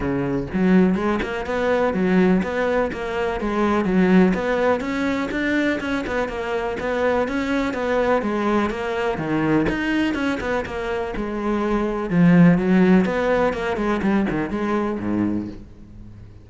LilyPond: \new Staff \with { instrumentName = "cello" } { \time 4/4 \tempo 4 = 124 cis4 fis4 gis8 ais8 b4 | fis4 b4 ais4 gis4 | fis4 b4 cis'4 d'4 | cis'8 b8 ais4 b4 cis'4 |
b4 gis4 ais4 dis4 | dis'4 cis'8 b8 ais4 gis4~ | gis4 f4 fis4 b4 | ais8 gis8 g8 dis8 gis4 gis,4 | }